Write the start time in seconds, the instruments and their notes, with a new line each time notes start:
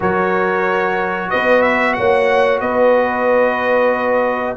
0.00 tuba F#3, trombone F#4, horn A#4, trumpet C#5
1.29 tuba B3, horn B4, trumpet D#5
1.62 trumpet E5
1.93 tuba A#3, horn C#5, trumpet F#5
2.60 tuba B3, horn B4, trumpet D#5